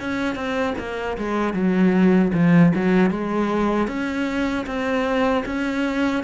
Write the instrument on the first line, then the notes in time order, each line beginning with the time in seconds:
cello
0.00 C#4
0.35 C4
0.79 A#3
1.18 G#3
1.54 F#3
2.34 F3
2.76 F#3
3.11 G#3
3.88 C#4
4.66 C4
5.46 C#4